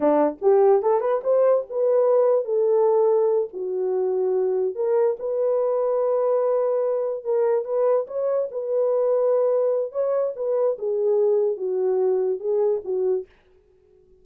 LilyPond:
\new Staff \with { instrumentName = "horn" } { \time 4/4 \tempo 4 = 145 d'4 g'4 a'8 b'8 c''4 | b'2 a'2~ | a'8 fis'2. ais'8~ | ais'8 b'2.~ b'8~ |
b'4. ais'4 b'4 cis''8~ | cis''8 b'2.~ b'8 | cis''4 b'4 gis'2 | fis'2 gis'4 fis'4 | }